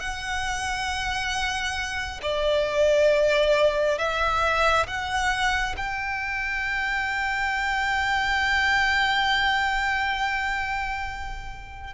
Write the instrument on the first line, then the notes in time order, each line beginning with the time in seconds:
violin
0.00 F#5
2.22 D5
3.98 E5
4.87 F#5
5.77 G5